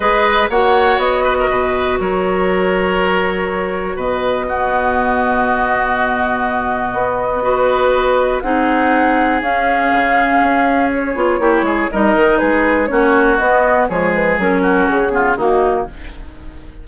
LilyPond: <<
  \new Staff \with { instrumentName = "flute" } { \time 4/4 \tempo 4 = 121 dis''4 fis''4 dis''2 | cis''1 | dis''1~ | dis''1~ |
dis''4 fis''2 f''4~ | f''2 cis''2 | dis''4 b'4 cis''4 dis''4 | cis''8 b'8 ais'4 gis'4 fis'4 | }
  \new Staff \with { instrumentName = "oboe" } { \time 4/4 b'4 cis''4. b'16 ais'16 b'4 | ais'1 | b'4 fis'2.~ | fis'2. b'4~ |
b'4 gis'2.~ | gis'2. g'8 gis'8 | ais'4 gis'4 fis'2 | gis'4. fis'4 f'8 dis'4 | }
  \new Staff \with { instrumentName = "clarinet" } { \time 4/4 gis'4 fis'2.~ | fis'1~ | fis'4 b2.~ | b2. fis'4~ |
fis'4 dis'2 cis'4~ | cis'2~ cis'8 f'8 e'4 | dis'2 cis'4 b4 | gis4 cis'4. b8 ais4 | }
  \new Staff \with { instrumentName = "bassoon" } { \time 4/4 gis4 ais4 b4 b,4 | fis1 | b,1~ | b,2 b2~ |
b4 c'2 cis'4 | cis4 cis'4. b8 ais8 gis8 | g8 dis8 gis4 ais4 b4 | f4 fis4 cis4 dis4 | }
>>